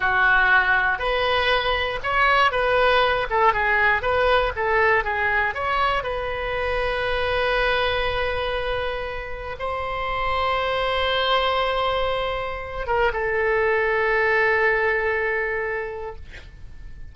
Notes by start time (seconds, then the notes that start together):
0.00 F#4
0.98 B4
2.03 C#5
2.51 B4
3.30 A4
3.53 G#4
4.02 B4
4.56 A4
5.04 G#4
5.54 C#5
6.03 B4
9.59 C5
12.87 A#4
13.13 A4